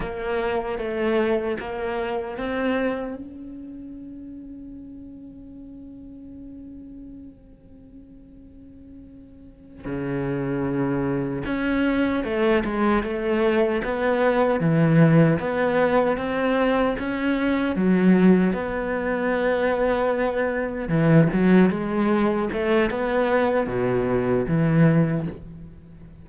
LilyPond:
\new Staff \with { instrumentName = "cello" } { \time 4/4 \tempo 4 = 76 ais4 a4 ais4 c'4 | cis'1~ | cis'1~ | cis'8 cis2 cis'4 a8 |
gis8 a4 b4 e4 b8~ | b8 c'4 cis'4 fis4 b8~ | b2~ b8 e8 fis8 gis8~ | gis8 a8 b4 b,4 e4 | }